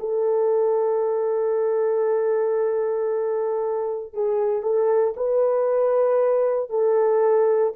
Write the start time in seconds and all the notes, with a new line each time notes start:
0.00 A4
4.14 G#4
4.63 A4
5.16 B4
6.70 A4